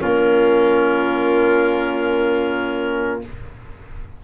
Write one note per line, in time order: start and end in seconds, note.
0.00 3.24 A#3
0.00 3.21 C#4
0.00 3.23 F4
0.00 3.22 A#4